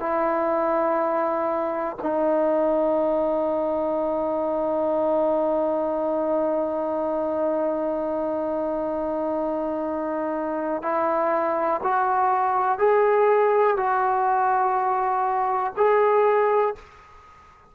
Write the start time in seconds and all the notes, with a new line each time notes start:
0.00 E4
2.03 D#4
10.83 E4
11.84 F#4
12.79 G#4
13.77 F#4
15.77 G#4